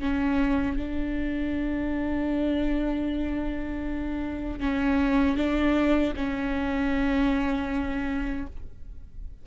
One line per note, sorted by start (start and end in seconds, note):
0.00 0.77 C#4
0.77 4.60 D4
4.60 5.37 C#4
5.37 6.14 D4
6.16 8.47 C#4